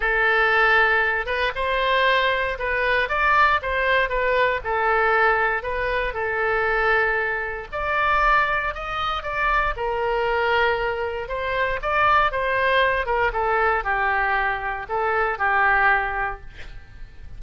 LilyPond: \new Staff \with { instrumentName = "oboe" } { \time 4/4 \tempo 4 = 117 a'2~ a'8 b'8 c''4~ | c''4 b'4 d''4 c''4 | b'4 a'2 b'4 | a'2. d''4~ |
d''4 dis''4 d''4 ais'4~ | ais'2 c''4 d''4 | c''4. ais'8 a'4 g'4~ | g'4 a'4 g'2 | }